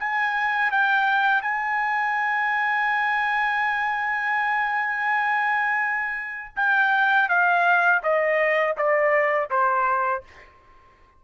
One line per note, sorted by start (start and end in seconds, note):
0.00 0.72 G#5
0.72 1.42 G5
1.42 6.55 G#5
6.57 7.29 G5
7.29 8.03 F5
8.04 8.77 D#5
8.77 9.51 D5
9.51 10.24 C5